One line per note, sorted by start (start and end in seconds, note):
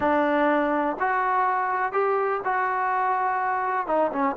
0.00 0.97 D4
0.99 1.92 F#4
1.92 2.40 G4
2.44 3.87 F#4
3.87 4.11 D#4
4.12 4.36 C#4